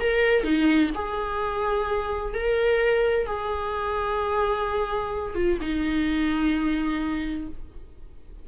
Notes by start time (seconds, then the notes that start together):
0.00 A#4
0.43 D#4
0.95 G#4
2.34 A#4
3.27 G#4
5.35 F4
5.61 D#4